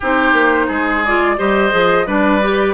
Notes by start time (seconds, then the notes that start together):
0.00 C4 D#4 G4 C5
0.32 A#3
0.67 G#3 G#4
1.04 F4 D5
1.37 G3 G4 C5 D#5
1.70 F3 G#4
2.06 G3 D4 B4 D5
2.42 G4